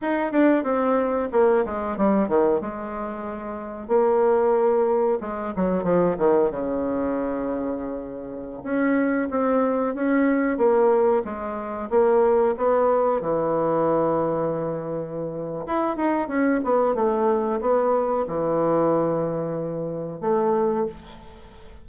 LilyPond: \new Staff \with { instrumentName = "bassoon" } { \time 4/4 \tempo 4 = 92 dis'8 d'8 c'4 ais8 gis8 g8 dis8 | gis2 ais2 | gis8 fis8 f8 dis8 cis2~ | cis4~ cis16 cis'4 c'4 cis'8.~ |
cis'16 ais4 gis4 ais4 b8.~ | b16 e2.~ e8. | e'8 dis'8 cis'8 b8 a4 b4 | e2. a4 | }